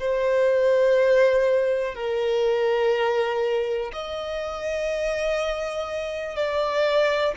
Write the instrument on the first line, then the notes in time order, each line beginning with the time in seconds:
violin
0.00 C5
1.95 A#4
3.93 D#5
6.36 D5